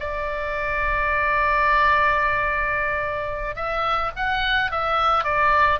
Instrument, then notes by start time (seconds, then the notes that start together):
oboe
0.00 D5
3.56 E5
4.16 F#5
4.71 E5
5.24 D5